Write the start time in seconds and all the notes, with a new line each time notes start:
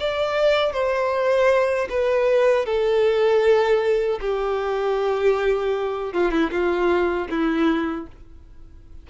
0.00 D5
0.73 C5
1.90 B4
2.66 A4
4.21 G4
6.14 F4
6.31 E4
6.51 F4
7.30 E4